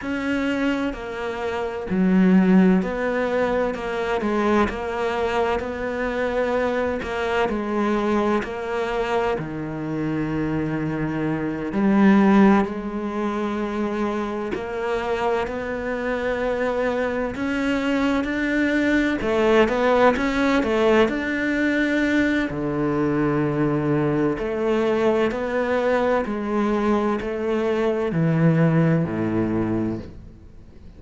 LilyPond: \new Staff \with { instrumentName = "cello" } { \time 4/4 \tempo 4 = 64 cis'4 ais4 fis4 b4 | ais8 gis8 ais4 b4. ais8 | gis4 ais4 dis2~ | dis8 g4 gis2 ais8~ |
ais8 b2 cis'4 d'8~ | d'8 a8 b8 cis'8 a8 d'4. | d2 a4 b4 | gis4 a4 e4 a,4 | }